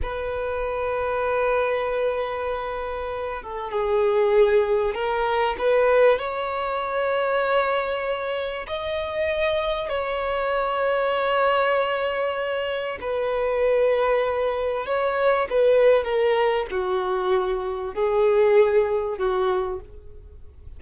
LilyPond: \new Staff \with { instrumentName = "violin" } { \time 4/4 \tempo 4 = 97 b'1~ | b'4. a'8 gis'2 | ais'4 b'4 cis''2~ | cis''2 dis''2 |
cis''1~ | cis''4 b'2. | cis''4 b'4 ais'4 fis'4~ | fis'4 gis'2 fis'4 | }